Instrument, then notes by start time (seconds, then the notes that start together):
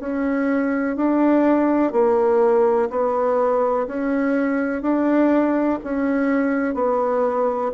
bassoon
0.00 C#4
0.96 D4
1.93 A#3
2.90 B3
3.87 C#4
4.82 D4
5.84 C#4
6.74 B3